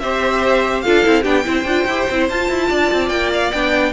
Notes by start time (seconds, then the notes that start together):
0.00 C4 G4 C5 E5
0.82 D4 F4 A4 F5
1.04 C4 E4
1.23 B3 D4 G4 G5
1.45 C4 E4 C5
1.65 D4 F4
1.86 E4 G4
2.10 C4 E4
2.30 F4 A5
2.49 E4
2.69 D4 D5
2.93 C4
3.09 A#3 G5
3.34 F5
3.52 B3 D4 G5